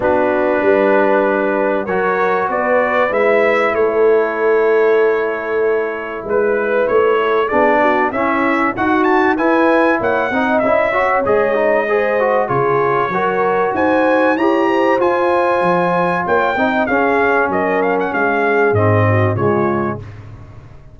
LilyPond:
<<
  \new Staff \with { instrumentName = "trumpet" } { \time 4/4 \tempo 4 = 96 b'2. cis''4 | d''4 e''4 cis''2~ | cis''2 b'4 cis''4 | d''4 e''4 fis''8 a''8 gis''4 |
fis''4 e''4 dis''2 | cis''2 gis''4 ais''4 | gis''2 g''4 f''4 | dis''8 f''16 fis''16 f''4 dis''4 cis''4 | }
  \new Staff \with { instrumentName = "horn" } { \time 4/4 fis'4 b'2 ais'4 | b'2 a'2~ | a'2 b'4. a'8 | gis'8 fis'8 e'4 fis'4 b'4 |
cis''8 dis''4 cis''4. c''4 | gis'4 ais'4 c''4 cis''8 c''8~ | c''2 cis''8 dis''8 gis'4 | ais'4 gis'4. fis'8 f'4 | }
  \new Staff \with { instrumentName = "trombone" } { \time 4/4 d'2. fis'4~ | fis'4 e'2.~ | e'1 | d'4 cis'4 fis'4 e'4~ |
e'8 dis'8 e'8 fis'8 gis'8 dis'8 gis'8 fis'8 | f'4 fis'2 g'4 | f'2~ f'8 dis'8 cis'4~ | cis'2 c'4 gis4 | }
  \new Staff \with { instrumentName = "tuba" } { \time 4/4 b4 g2 fis4 | b4 gis4 a2~ | a2 gis4 a4 | b4 cis'4 dis'4 e'4 |
ais8 c'8 cis'4 gis2 | cis4 fis4 dis'4 e'4 | f'4 f4 ais8 c'8 cis'4 | fis4 gis4 gis,4 cis4 | }
>>